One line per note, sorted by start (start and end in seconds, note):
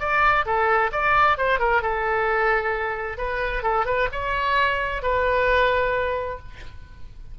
0.00 0.45 D5
0.46 0.91 A4
0.92 1.38 D5
1.38 1.60 C5
1.60 1.82 A#4
1.82 3.18 A4
3.18 3.63 B4
3.63 3.86 A4
3.86 4.09 B4
4.12 5.03 C#5
5.03 6.39 B4